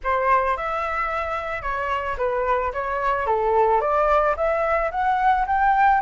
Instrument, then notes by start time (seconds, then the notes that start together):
flute
0.03 C5
0.57 E5
1.62 C#5
2.17 B4
2.73 C#5
3.26 A4
3.81 D5
4.36 E5
4.91 F#5
5.46 G5